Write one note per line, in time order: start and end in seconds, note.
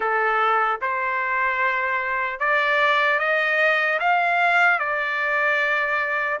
0.00 0.80 A4
0.81 2.39 C5
2.39 3.19 D5
3.19 3.99 D#5
3.99 4.79 F5
4.79 6.39 D5